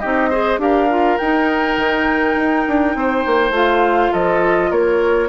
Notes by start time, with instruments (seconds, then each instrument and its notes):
0.00 bassoon C4, clarinet D#4, oboe G4, flute D#5
0.30 clarinet G#4, oboe C5
0.58 bassoon D4, clarinet G4, oboe A#4, flute F5
0.90 clarinet F4
1.18 bassoon D#4, clarinet D#4, flute G5
1.78 bassoon D#3
2.36 bassoon D#4
2.68 bassoon D4
2.95 bassoon C4, oboe C5
3.26 bassoon A#3
3.51 bassoon A3, clarinet F4, flute F5
4.12 bassoon F3, oboe A4, flute D#5
4.71 bassoon A#3, oboe A#4, flute C#5